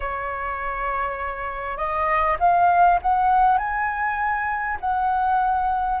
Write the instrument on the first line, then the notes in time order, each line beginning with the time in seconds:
flute
0.00 C#5
1.77 D#5
2.39 F5
3.02 F#5
3.57 G#5
4.80 F#5